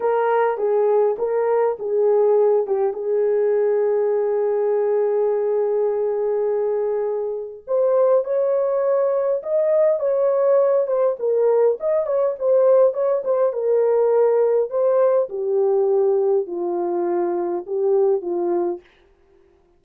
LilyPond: \new Staff \with { instrumentName = "horn" } { \time 4/4 \tempo 4 = 102 ais'4 gis'4 ais'4 gis'4~ | gis'8 g'8 gis'2.~ | gis'1~ | gis'4 c''4 cis''2 |
dis''4 cis''4. c''8 ais'4 | dis''8 cis''8 c''4 cis''8 c''8 ais'4~ | ais'4 c''4 g'2 | f'2 g'4 f'4 | }